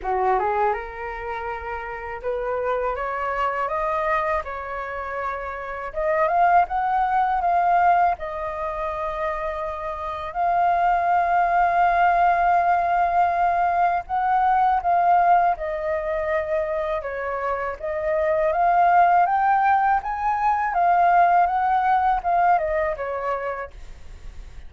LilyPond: \new Staff \with { instrumentName = "flute" } { \time 4/4 \tempo 4 = 81 fis'8 gis'8 ais'2 b'4 | cis''4 dis''4 cis''2 | dis''8 f''8 fis''4 f''4 dis''4~ | dis''2 f''2~ |
f''2. fis''4 | f''4 dis''2 cis''4 | dis''4 f''4 g''4 gis''4 | f''4 fis''4 f''8 dis''8 cis''4 | }